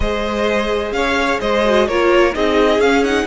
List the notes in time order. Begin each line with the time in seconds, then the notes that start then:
0.00 G#3 G#4 C5 D#5
0.91 C#4 C#5 F5
1.40 G#3 C5 D#5
1.64 F#4
1.87 A#3 F4 A#4 C#5
2.33 C4 D#4 G#4 D#5
2.78 C#4 F5
3.04 D#4 F#5